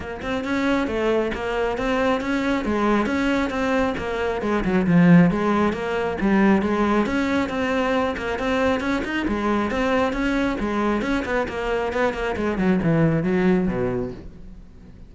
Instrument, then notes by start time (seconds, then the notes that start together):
cello
0.00 A#3
0.22 C4
0.44 C#4
0.87 A3
1.34 A#3
1.77 C4
2.20 C#4
2.64 G#3
3.06 C#4
3.50 C4
3.97 A#3
4.41 G#3
4.64 F#3
4.86 F3
5.30 G#3
5.73 A#3
6.20 G3
6.62 G#3
7.05 C#4
7.49 C4
8.16 A#3
8.38 C4
8.80 C#4
9.04 D#4
9.27 G#3
9.71 C4
10.12 C#4
10.59 G#3
11.01 C#4
11.25 B3
11.48 A#3
11.92 B3
12.13 A#3
12.36 G#3
12.58 F#3
12.82 E3
13.23 F#3
13.67 B2